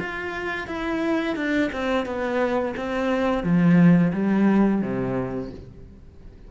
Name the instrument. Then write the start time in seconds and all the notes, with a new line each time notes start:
cello
0.00 F4
0.68 E4
1.36 D4
1.73 C4
2.06 B3
2.77 C4
3.44 F3
4.13 G3
4.82 C3